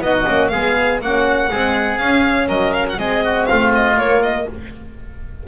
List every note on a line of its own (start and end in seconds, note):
0.00 0.25 B3
0.00 0.25 D#4
0.00 0.51 F#4
0.00 0.48 D#5
0.25 0.52 A#3
0.25 0.50 C#4
0.48 1.01 G#3
0.48 1.02 B3
0.48 1.01 G#4
0.48 0.98 F5
1.01 1.50 A#3
1.01 1.49 C#4
1.01 1.50 F#4
1.01 1.98 F#5
1.49 1.99 G#3
1.49 1.99 C4
1.49 2.48 G#4
1.98 2.48 C#4
1.98 2.97 C#4
1.98 2.47 F5
2.48 2.97 F#3
2.48 2.97 A#4
2.48 2.73 D#5
2.73 2.85 F5
2.89 2.98 F#5
2.97 3.48 G#3
2.97 3.96 C4
2.97 3.24 G#4
2.97 3.45 D#5
3.24 3.48 F#4
3.45 3.97 A3
3.45 4.47 F4
3.45 3.70 F5
3.74 3.98 D#5
3.97 4.46 A#3
3.97 4.47 A#3
3.97 4.22 C#5
4.22 4.47 D#5